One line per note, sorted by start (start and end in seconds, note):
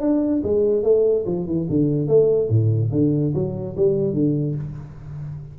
0.00 0.42 D4
0.43 0.83 G#3
0.83 1.24 A3
1.26 1.46 F3
1.46 1.67 E3
1.69 2.08 D3
2.08 2.49 A3
2.49 2.91 A2
2.92 3.33 D3
3.34 3.76 F#3
3.76 4.13 G3
4.13 4.55 D3